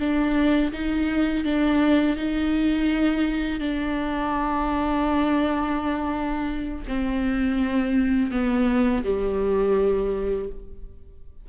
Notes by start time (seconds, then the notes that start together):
0.00 D4
0.73 D#4
1.45 D4
2.17 D#4
3.60 D4
6.88 C4
8.32 B3
9.05 G3